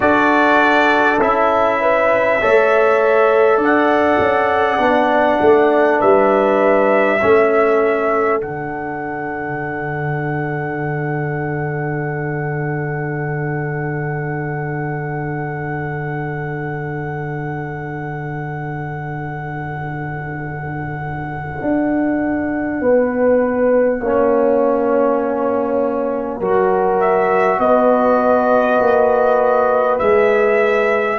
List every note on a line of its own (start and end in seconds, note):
0.00 1.19 D4
0.00 1.18 F#4
0.00 1.80 A4
0.00 1.21 D5
1.19 2.39 C#4
1.19 2.41 E4
1.19 3.61 E5
1.80 2.41 B4
2.41 3.57 A3
2.41 4.79 A4
2.41 3.57 C#5
3.57 4.17 D4
3.57 5.97 D5
3.57 6.00 F#5
4.19 4.78 C#4
4.78 5.38 B3
4.78 7.19 D4
5.40 6.00 A3
5.98 7.21 G3
5.98 7.18 B4
5.98 8.40 E5
7.20 8.42 A3
7.20 8.40 C#4
7.20 22.80 A4
8.40 21.61 D3
8.40 24.00 D4
8.40 27.00 F#5
21.61 22.80 D4
22.80 24.00 B3
22.80 24.00 B4
24.00 26.40 A#3
24.00 26.41 C#4
24.00 26.38 C#5
26.38 27.58 F#3
26.38 30.01 F#4
26.38 27.58 A#4
27.00 27.59 E5
27.58 28.78 B3
27.58 31.19 B4
27.58 29.98 D#5
28.79 29.99 A#3
29.98 31.19 G#3
29.98 31.19 G#4
29.98 31.19 E5